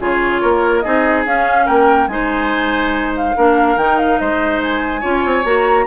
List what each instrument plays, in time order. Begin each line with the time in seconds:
0.00 bassoon C#3, clarinet F4, oboe G#4, flute C#5
0.42 bassoon A#3, oboe A#4
0.81 bassoon C4, clarinet D#4, oboe G#4, flute D#5
1.26 bassoon C#4, clarinet C#4, flute F5
1.66 bassoon A#3, oboe A#4, flute G5
2.08 bassoon G#3, clarinet D#4, oboe C5, flute G#5
3.17 flute F5
3.36 bassoon A#3, clarinet D4, oboe A#4
3.77 bassoon D#3, clarinet D#4, flute G5
3.98 flute F5
4.19 bassoon G#3, oboe C5, flute D#5
4.63 flute G#5
5.01 bassoon C#4, clarinet F4, oboe C#5
5.26 bassoon C4
5.44 bassoon A#3, clarinet F#4, flute A#5